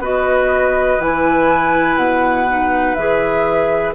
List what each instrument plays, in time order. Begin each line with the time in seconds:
0.00 bassoon B3, clarinet F#4, oboe B4, flute D#5
0.99 bassoon E3, clarinet E4, flute G#5
1.97 bassoon B2, flute F#5
2.48 clarinet D#4
2.95 bassoon E3, clarinet G#4, flute E5